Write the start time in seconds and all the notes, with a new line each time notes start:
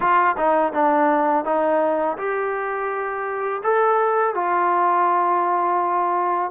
0.00 F4
0.37 D#4
0.72 D4
1.45 D#4
2.17 G4
3.63 A4
4.34 F4